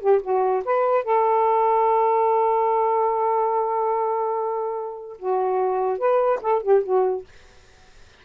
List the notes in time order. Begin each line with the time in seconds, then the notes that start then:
0.00 G4
0.21 F#4
0.65 B4
1.03 A4
5.19 F#4
5.98 B4
6.41 A4
6.62 G4
6.83 F#4